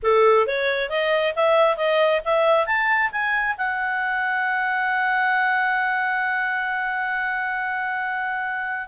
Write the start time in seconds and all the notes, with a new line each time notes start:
0.02 A4
0.46 C#5
0.89 D#5
1.35 E5
1.76 D#5
2.24 E5
2.66 A5
3.11 G#5
3.57 F#5